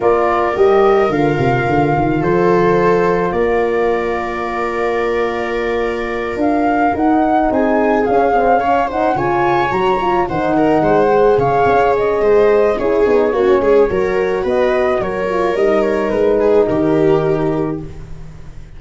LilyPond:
<<
  \new Staff \with { instrumentName = "flute" } { \time 4/4 \tempo 4 = 108 d''4 dis''4 f''2 | c''2 d''2~ | d''2.~ d''8 f''8~ | f''8 fis''4 gis''4 f''4. |
fis''8 gis''4 ais''4 fis''4.~ | fis''8 f''4 dis''4. cis''4~ | cis''2 dis''4 cis''4 | dis''8 cis''8 b'4 ais'2 | }
  \new Staff \with { instrumentName = "viola" } { \time 4/4 ais'1 | a'2 ais'2~ | ais'1~ | ais'4. gis'2 cis''8 |
c''8 cis''2 c''8 ais'8 c''8~ | c''8 cis''4. c''4 gis'4 | fis'8 gis'8 ais'4 b'4 ais'4~ | ais'4. gis'8 g'2 | }
  \new Staff \with { instrumentName = "horn" } { \time 4/4 f'4 g'4 f'2~ | f'1~ | f'1~ | f'8 dis'2 cis'8 c'8 cis'8 |
dis'8 f'4 fis'8 f'8 dis'4. | gis'2. e'8 dis'8 | cis'4 fis'2~ fis'8 f'8 | dis'1 | }
  \new Staff \with { instrumentName = "tuba" } { \time 4/4 ais4 g4 d8 c8 d8 dis8 | f2 ais2~ | ais2.~ ais8 d'8~ | d'8 dis'4 c'4 cis'4.~ |
cis'8 cis4 fis4 dis4 gis8~ | gis8 cis8 cis'4 gis4 cis'8 b8 | ais8 gis8 fis4 b4 fis4 | g4 gis4 dis2 | }
>>